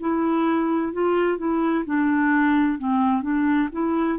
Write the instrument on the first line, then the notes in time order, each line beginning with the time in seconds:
clarinet
0.00 E4
0.92 F4
1.37 E4
1.85 D4
2.78 C4
3.22 D4
3.72 E4